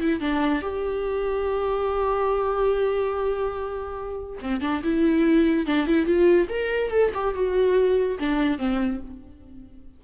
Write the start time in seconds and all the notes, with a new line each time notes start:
0.00 E4
0.20 D4
0.62 G4
4.41 C4
4.61 D4
4.83 E4
5.66 D4
5.87 E4
6.06 F4
6.49 A#4
6.90 A4
7.14 G4
7.34 F#4
8.19 D4
8.58 C4